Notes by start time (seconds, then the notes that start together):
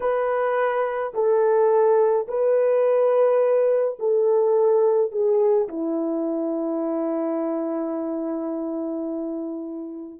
0.00 B4
1.13 A4
2.27 B4
3.99 A4
5.11 G#4
5.68 E4